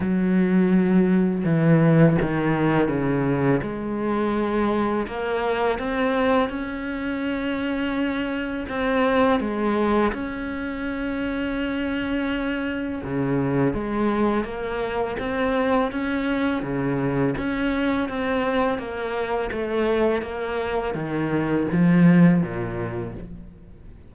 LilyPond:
\new Staff \with { instrumentName = "cello" } { \time 4/4 \tempo 4 = 83 fis2 e4 dis4 | cis4 gis2 ais4 | c'4 cis'2. | c'4 gis4 cis'2~ |
cis'2 cis4 gis4 | ais4 c'4 cis'4 cis4 | cis'4 c'4 ais4 a4 | ais4 dis4 f4 ais,4 | }